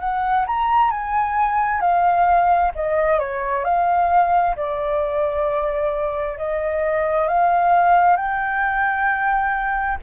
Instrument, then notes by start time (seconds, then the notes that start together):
flute
0.00 F#5
0.46 A#5
0.90 G#5
1.80 F5
2.75 D#5
3.19 C#5
3.64 F5
4.56 D5
6.38 D#5
7.28 F5
8.16 G5